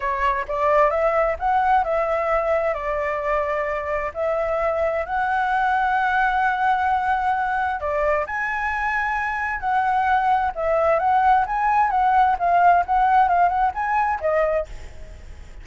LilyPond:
\new Staff \with { instrumentName = "flute" } { \time 4/4 \tempo 4 = 131 cis''4 d''4 e''4 fis''4 | e''2 d''2~ | d''4 e''2 fis''4~ | fis''1~ |
fis''4 d''4 gis''2~ | gis''4 fis''2 e''4 | fis''4 gis''4 fis''4 f''4 | fis''4 f''8 fis''8 gis''4 dis''4 | }